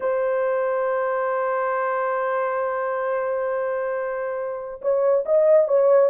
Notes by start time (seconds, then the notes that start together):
0.00 C5
4.81 C#5
5.25 D#5
5.68 C#5